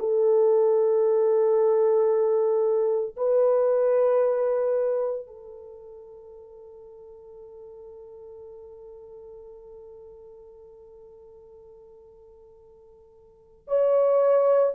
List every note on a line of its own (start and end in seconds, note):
0.00 3.16 A4
3.17 5.27 B4
5.27 13.68 A4
13.68 14.74 C#5